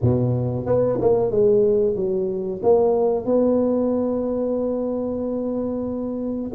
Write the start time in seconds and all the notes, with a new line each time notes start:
0.01 B2
0.66 B3
1.00 A#3
1.30 G#3
1.95 F#3
2.62 A#3
3.25 B3